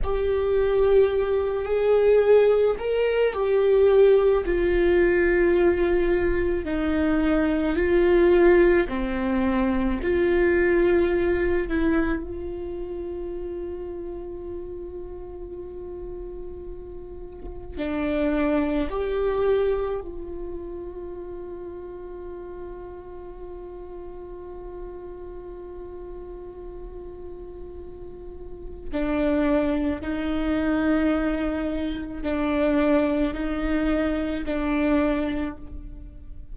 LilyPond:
\new Staff \with { instrumentName = "viola" } { \time 4/4 \tempo 4 = 54 g'4. gis'4 ais'8 g'4 | f'2 dis'4 f'4 | c'4 f'4. e'8 f'4~ | f'1 |
d'4 g'4 f'2~ | f'1~ | f'2 d'4 dis'4~ | dis'4 d'4 dis'4 d'4 | }